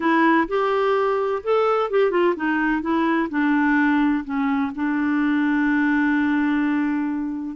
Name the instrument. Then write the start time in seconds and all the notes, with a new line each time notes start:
clarinet
0.00 E4
0.47 G4
1.43 A4
1.90 G4
2.10 F4
2.36 D#4
2.81 E4
3.29 D4
4.24 C#4
4.75 D4